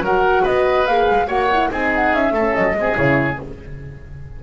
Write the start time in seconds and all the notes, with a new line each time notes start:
0.00 F#3 F#4 A#4 F#5
0.43 B3 B4 D#5
0.86 A#3 G#4 F5
1.10 G#3
1.27 A#3 F#4 C#5 F#5
1.52 E4
1.70 C4 D#4 G#4 G#5
1.95 F#5
2.13 C#4 E5
2.31 A3 C#4 A4
2.55 F#3 D#5
2.74 G#3 C4 G#4
2.95 C#3 E4 C#5